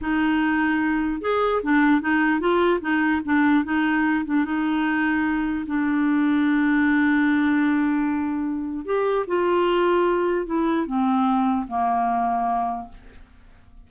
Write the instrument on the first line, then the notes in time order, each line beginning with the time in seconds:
clarinet
0.01 D#4
1.21 G#4
1.62 D4
2.01 D#4
2.40 F4
2.80 D#4
3.25 D4
3.64 D#4
4.25 D4
4.44 D#4
5.66 D4
8.85 G4
9.27 F4
10.46 E4
10.86 C4
11.67 A#3